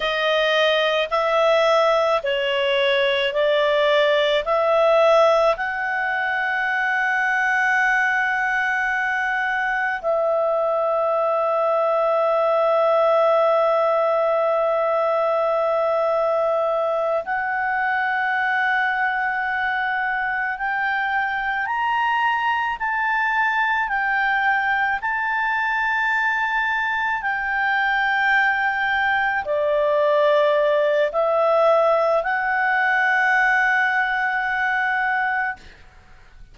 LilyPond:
\new Staff \with { instrumentName = "clarinet" } { \time 4/4 \tempo 4 = 54 dis''4 e''4 cis''4 d''4 | e''4 fis''2.~ | fis''4 e''2.~ | e''2.~ e''8 fis''8~ |
fis''2~ fis''8 g''4 ais''8~ | ais''8 a''4 g''4 a''4.~ | a''8 g''2 d''4. | e''4 fis''2. | }